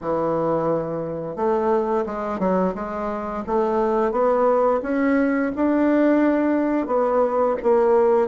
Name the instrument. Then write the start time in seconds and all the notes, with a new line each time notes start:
bassoon
0.01 E3
1.35 A3
2.06 G#3
2.39 F#3
2.75 G#3
3.47 A3
4.11 B3
4.82 C#4
5.55 D4
6.86 B3
7.62 A#3